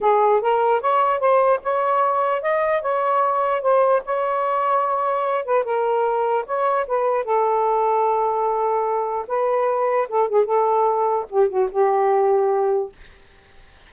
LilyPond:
\new Staff \with { instrumentName = "saxophone" } { \time 4/4 \tempo 4 = 149 gis'4 ais'4 cis''4 c''4 | cis''2 dis''4 cis''4~ | cis''4 c''4 cis''2~ | cis''4. b'8 ais'2 |
cis''4 b'4 a'2~ | a'2. b'4~ | b'4 a'8 gis'8 a'2 | g'8 fis'8 g'2. | }